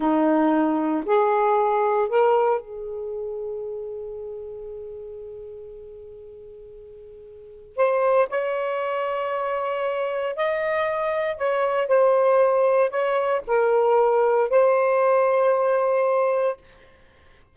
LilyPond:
\new Staff \with { instrumentName = "saxophone" } { \time 4/4 \tempo 4 = 116 dis'2 gis'2 | ais'4 gis'2.~ | gis'1~ | gis'2. c''4 |
cis''1 | dis''2 cis''4 c''4~ | c''4 cis''4 ais'2 | c''1 | }